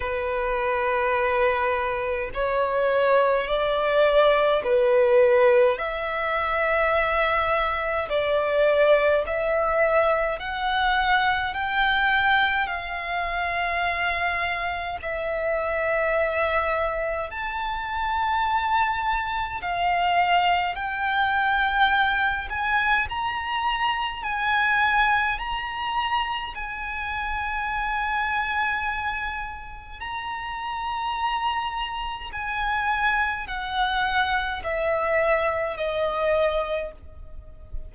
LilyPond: \new Staff \with { instrumentName = "violin" } { \time 4/4 \tempo 4 = 52 b'2 cis''4 d''4 | b'4 e''2 d''4 | e''4 fis''4 g''4 f''4~ | f''4 e''2 a''4~ |
a''4 f''4 g''4. gis''8 | ais''4 gis''4 ais''4 gis''4~ | gis''2 ais''2 | gis''4 fis''4 e''4 dis''4 | }